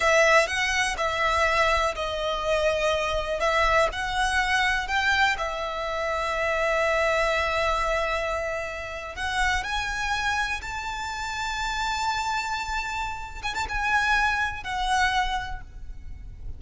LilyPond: \new Staff \with { instrumentName = "violin" } { \time 4/4 \tempo 4 = 123 e''4 fis''4 e''2 | dis''2. e''4 | fis''2 g''4 e''4~ | e''1~ |
e''2~ e''8. fis''4 gis''16~ | gis''4.~ gis''16 a''2~ a''16~ | a''2.~ a''8 gis''16 a''16 | gis''2 fis''2 | }